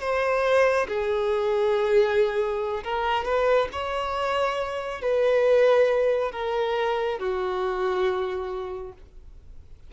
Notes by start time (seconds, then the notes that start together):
0.00 C5
0.87 G#4
2.83 A#4
3.25 B4
3.72 C#5
5.01 B4
6.32 A#4
7.19 F#4